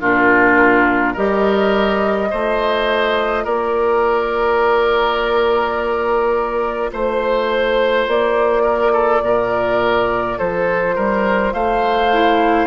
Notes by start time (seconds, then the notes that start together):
0.00 A#2 D4 F4 A#4
1.13 G3 G4 A#4 D#5
2.30 A3 F4 C5
3.44 A#3 A#4 D5
6.92 A3 C5
8.07 A#3 D5
8.63 A#4
8.92 A4
9.22 A#2 A#4
10.38 F3 A4 C5
10.95 G3 A#4
11.53 A3 C5 F5
12.12 E4